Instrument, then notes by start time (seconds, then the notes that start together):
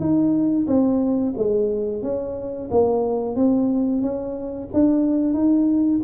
tuba
0.00 D#4
0.67 C4
1.38 G#3
2.02 C#4
2.71 A#3
3.36 C4
4.02 C#4
4.73 D4
5.34 D#4